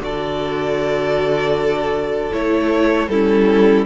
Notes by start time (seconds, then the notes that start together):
0.00 D3 F#4 A4 D5
2.32 A3 E4 C#5
3.07 G3 C#4 E4 A4